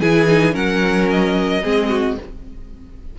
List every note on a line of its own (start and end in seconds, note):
0.00 0.55 E3
0.00 0.27 E4
0.00 0.53 G#4
0.00 0.54 G#5
0.27 0.52 D#4
0.52 1.63 F#3
0.52 1.60 C#4
0.52 1.62 A#4
0.52 1.09 F#5
1.10 2.18 D#5
1.63 2.17 G#3
1.63 2.18 C4
1.63 1.89 G#4
1.89 2.16 F#4